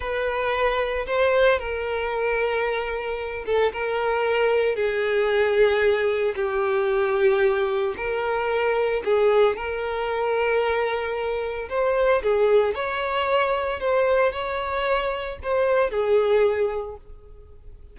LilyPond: \new Staff \with { instrumentName = "violin" } { \time 4/4 \tempo 4 = 113 b'2 c''4 ais'4~ | ais'2~ ais'8 a'8 ais'4~ | ais'4 gis'2. | g'2. ais'4~ |
ais'4 gis'4 ais'2~ | ais'2 c''4 gis'4 | cis''2 c''4 cis''4~ | cis''4 c''4 gis'2 | }